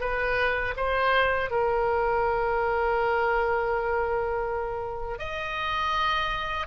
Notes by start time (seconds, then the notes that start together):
0.00 B4
0.76 C5
1.50 A#4
5.19 D#5